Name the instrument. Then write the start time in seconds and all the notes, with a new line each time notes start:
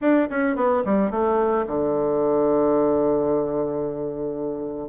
bassoon
0.01 D4
0.30 C#4
0.56 B3
0.84 G3
1.11 A3
1.66 D3